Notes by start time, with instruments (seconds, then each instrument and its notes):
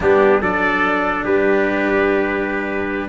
0.00 tuba G3, cello B3, trumpet D4 G4
0.41 tuba F#3, cello D4, trumpet A4 D5
1.24 tuba G3, trumpet G4 B4